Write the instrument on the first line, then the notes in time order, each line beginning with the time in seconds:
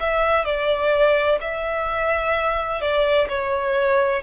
violin
0.00 E5
0.45 D5
1.41 E5
2.81 D5
3.29 C#5